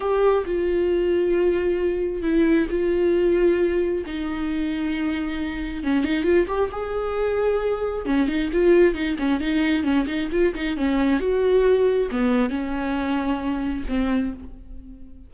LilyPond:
\new Staff \with { instrumentName = "viola" } { \time 4/4 \tempo 4 = 134 g'4 f'2.~ | f'4 e'4 f'2~ | f'4 dis'2.~ | dis'4 cis'8 dis'8 f'8 g'8 gis'4~ |
gis'2 cis'8 dis'8 f'4 | dis'8 cis'8 dis'4 cis'8 dis'8 f'8 dis'8 | cis'4 fis'2 b4 | cis'2. c'4 | }